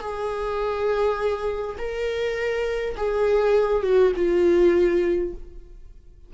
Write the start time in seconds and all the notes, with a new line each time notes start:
0.00 G#4
1.78 A#4
2.97 G#4
3.83 F#4
4.16 F4